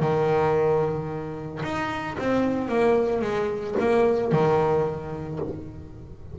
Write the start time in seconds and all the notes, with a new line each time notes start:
0.00 D#3
1.63 D#4
2.18 C4
2.68 A#3
3.21 G#3
3.79 A#3
4.32 D#3